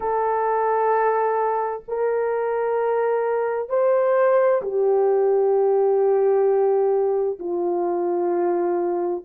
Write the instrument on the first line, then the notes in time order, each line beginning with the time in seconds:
horn
0.00 A4
1.88 A#4
3.69 C5
4.62 G4
7.39 F4